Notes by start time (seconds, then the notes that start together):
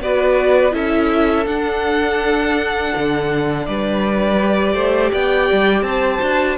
0.00 B3 F#4 B4 D5
0.71 C#4 E4 A4 E5
1.46 D4 F#5
2.96 D3
3.66 G3 B4 D5
4.39 G4
4.74 A3 C5
5.11 B3 D5 G5
5.52 G3
5.82 C4 C5 A5
6.20 D4 F#4